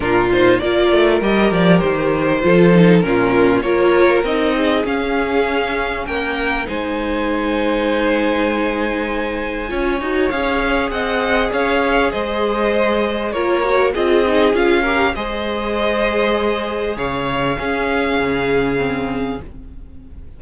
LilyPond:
<<
  \new Staff \with { instrumentName = "violin" } { \time 4/4 \tempo 4 = 99 ais'8 c''8 d''4 dis''8 d''8 c''4~ | c''4 ais'4 cis''4 dis''4 | f''2 g''4 gis''4~ | gis''1~ |
gis''4 f''4 fis''4 f''4 | dis''2 cis''4 dis''4 | f''4 dis''2. | f''1 | }
  \new Staff \with { instrumentName = "violin" } { \time 4/4 f'4 ais'2. | a'4 f'4 ais'4. gis'8~ | gis'2 ais'4 c''4~ | c''1 |
cis''2 dis''4 cis''4 | c''2 ais'4 gis'4~ | gis'8 ais'8 c''2. | cis''4 gis'2. | }
  \new Staff \with { instrumentName = "viola" } { \time 4/4 d'8 dis'8 f'4 g'2 | f'8 dis'8 cis'4 f'4 dis'4 | cis'2. dis'4~ | dis'1 |
f'8 fis'8 gis'2.~ | gis'2 f'8 fis'8 f'8 dis'8 | f'8 g'8 gis'2.~ | gis'4 cis'2 c'4 | }
  \new Staff \with { instrumentName = "cello" } { \time 4/4 ais,4 ais8 a8 g8 f8 dis4 | f4 ais,4 ais4 c'4 | cis'2 ais4 gis4~ | gis1 |
cis'8 dis'8 cis'4 c'4 cis'4 | gis2 ais4 c'4 | cis'4 gis2. | cis4 cis'4 cis2 | }
>>